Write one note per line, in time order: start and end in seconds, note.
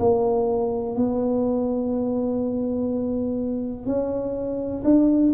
0.00 0.96 A#3
0.96 3.87 B3
3.87 4.83 C#4
4.85 5.33 D4